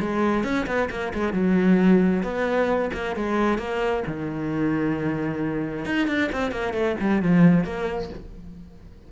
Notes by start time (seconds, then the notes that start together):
0.00 G#3
0.44 C#4
0.66 B3
0.90 A#3
1.14 G#3
1.33 F#3
2.23 B3
2.93 A#3
3.16 G#3
3.58 A#3
4.07 D#3
5.85 D#4
6.08 D4
6.32 C4
6.51 A#3
6.73 A3
7.00 G3
7.22 F3
7.64 A#3